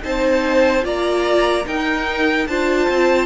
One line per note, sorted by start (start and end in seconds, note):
0.00 0.84 C4
0.00 0.81 D#4
0.00 0.84 C5
0.00 0.84 A5
0.82 1.65 A#3
0.82 1.63 F4
0.82 1.66 D5
0.82 1.67 A#5
1.66 2.47 D#4
1.66 2.47 A#4
1.66 2.47 G5
2.47 2.88 D4
2.47 3.26 F4
2.47 3.26 C5
2.47 3.26 A5
2.89 3.26 C4